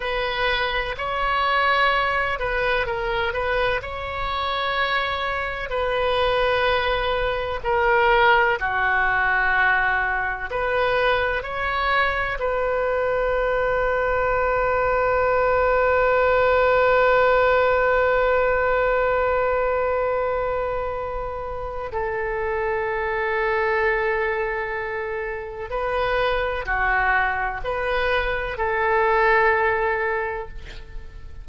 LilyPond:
\new Staff \with { instrumentName = "oboe" } { \time 4/4 \tempo 4 = 63 b'4 cis''4. b'8 ais'8 b'8 | cis''2 b'2 | ais'4 fis'2 b'4 | cis''4 b'2.~ |
b'1~ | b'2. a'4~ | a'2. b'4 | fis'4 b'4 a'2 | }